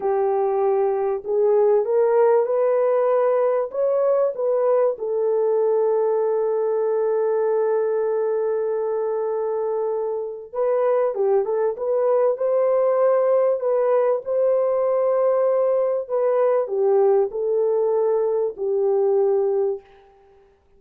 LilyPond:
\new Staff \with { instrumentName = "horn" } { \time 4/4 \tempo 4 = 97 g'2 gis'4 ais'4 | b'2 cis''4 b'4 | a'1~ | a'1~ |
a'4 b'4 g'8 a'8 b'4 | c''2 b'4 c''4~ | c''2 b'4 g'4 | a'2 g'2 | }